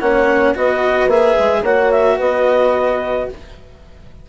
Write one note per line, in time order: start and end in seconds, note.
0.00 0.56 A#3
0.00 0.55 C#4
0.00 0.57 C#5
0.00 0.55 F#5
0.55 1.07 B3
0.55 1.10 F#4
0.55 1.63 B4
0.55 1.10 D#5
1.07 1.35 A#3
1.07 1.65 G#4
1.07 1.64 E5
1.39 1.63 G#3
1.63 2.17 A#3
1.63 3.30 F#4
1.63 2.17 C#5
1.63 1.92 F#5
1.92 2.19 E5
2.17 3.30 B3
2.17 3.26 B4
2.17 3.29 D#5